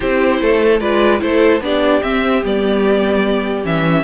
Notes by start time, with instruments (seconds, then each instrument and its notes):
0.00 cello C4, viola E4, violin G4 C5
0.41 cello A3, violin A4
0.79 cello G#3, viola F4, violin B4 D5
1.19 cello A3, viola E4, violin A4 C5
1.60 cello B3, viola D4, violin G4 D5
2.01 viola C4, cello C4, violin E5
2.42 cello G3, viola B3, violin D5
3.63 cello E3, viola C#4, violin E5